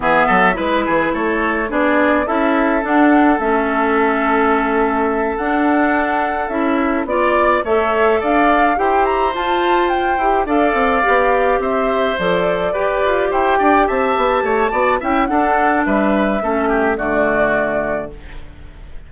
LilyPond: <<
  \new Staff \with { instrumentName = "flute" } { \time 4/4 \tempo 4 = 106 e''4 b'4 cis''4 d''4 | e''4 fis''4 e''2~ | e''4. fis''2 e''8~ | e''8 d''4 e''4 f''4 g''8 |
ais''8 a''4 g''4 f''4.~ | f''8 e''4 d''2 g''8~ | g''8 a''2 g''8 fis''4 | e''2 d''2 | }
  \new Staff \with { instrumentName = "oboe" } { \time 4/4 gis'8 a'8 b'8 gis'8 a'4 gis'4 | a'1~ | a'1~ | a'8 d''4 cis''4 d''4 c''8~ |
c''2~ c''8 d''4.~ | d''8 c''2 b'4 c''8 | d''8 e''4 cis''8 d''8 e''8 a'4 | b'4 a'8 g'8 fis'2 | }
  \new Staff \with { instrumentName = "clarinet" } { \time 4/4 b4 e'2 d'4 | e'4 d'4 cis'2~ | cis'4. d'2 e'8~ | e'8 f'4 a'2 g'8~ |
g'8 f'4. g'8 a'4 g'8~ | g'4. a'4 g'4.~ | g'2 fis'8 e'8 d'4~ | d'4 cis'4 a2 | }
  \new Staff \with { instrumentName = "bassoon" } { \time 4/4 e8 fis8 gis8 e8 a4 b4 | cis'4 d'4 a2~ | a4. d'2 cis'8~ | cis'8 b4 a4 d'4 e'8~ |
e'8 f'4. e'8 d'8 c'8 b8~ | b8 c'4 f4 g'8 f'8 e'8 | d'8 c'8 b8 a8 b8 cis'8 d'4 | g4 a4 d2 | }
>>